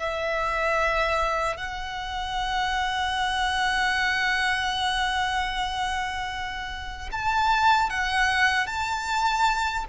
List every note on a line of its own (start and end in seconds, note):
0.00 1.57 E5
1.57 7.10 F#5
7.12 7.90 A5
7.90 8.67 F#5
8.67 9.85 A5